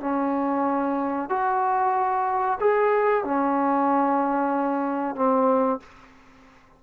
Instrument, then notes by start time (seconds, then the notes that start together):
trombone
0.00 C#4
1.29 F#4
2.60 G#4
3.24 C#4
5.15 C4